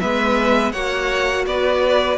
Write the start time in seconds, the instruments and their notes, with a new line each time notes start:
0.00 cello G#3, viola B3, violin B4 E5
0.72 cello A#3, viola F#4, violin C#5 F#5
1.46 cello B3, violin B4 D5